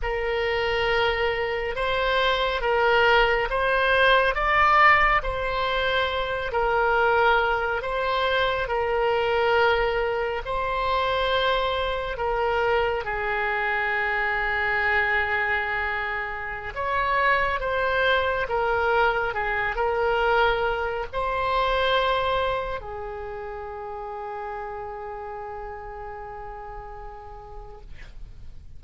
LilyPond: \new Staff \with { instrumentName = "oboe" } { \time 4/4 \tempo 4 = 69 ais'2 c''4 ais'4 | c''4 d''4 c''4. ais'8~ | ais'4 c''4 ais'2 | c''2 ais'4 gis'4~ |
gis'2.~ gis'16 cis''8.~ | cis''16 c''4 ais'4 gis'8 ais'4~ ais'16~ | ais'16 c''2 gis'4.~ gis'16~ | gis'1 | }